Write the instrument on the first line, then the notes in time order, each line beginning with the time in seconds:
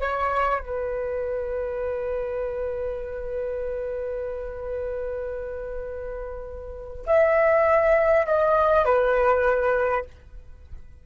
flute
0.00 C#5
0.60 B4
7.07 E5
8.26 D#5
8.85 B4